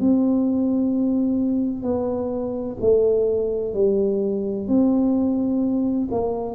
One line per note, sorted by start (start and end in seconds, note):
0.00 1.83 C4
1.83 2.77 B3
2.81 3.74 A3
3.74 4.68 G3
4.68 6.09 C4
6.11 6.55 A#3